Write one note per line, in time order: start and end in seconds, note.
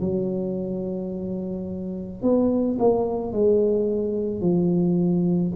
0.00 2.22 F#3
2.22 2.78 B3
2.79 3.32 A#3
3.32 4.41 G#3
4.41 5.52 F3